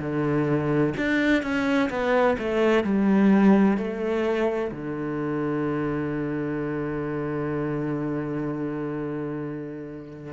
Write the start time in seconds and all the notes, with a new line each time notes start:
0.00 D3
0.97 D4
1.43 C#4
1.90 B3
2.39 A3
2.84 G3
3.78 A3
4.72 D3